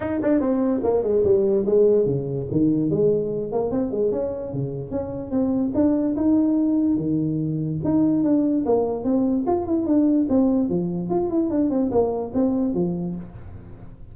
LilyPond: \new Staff \with { instrumentName = "tuba" } { \time 4/4 \tempo 4 = 146 dis'8 d'8 c'4 ais8 gis8 g4 | gis4 cis4 dis4 gis4~ | gis8 ais8 c'8 gis8 cis'4 cis4 | cis'4 c'4 d'4 dis'4~ |
dis'4 dis2 dis'4 | d'4 ais4 c'4 f'8 e'8 | d'4 c'4 f4 f'8 e'8 | d'8 c'8 ais4 c'4 f4 | }